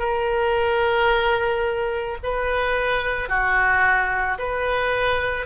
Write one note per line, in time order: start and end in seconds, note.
0.00 2.18 A#4
2.24 3.29 B4
3.29 4.38 F#4
4.39 5.46 B4